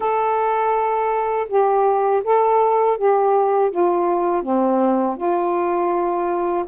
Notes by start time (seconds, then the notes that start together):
0.00 A4
1.48 G4
2.24 A4
2.97 G4
3.70 F4
4.42 C4
5.16 F4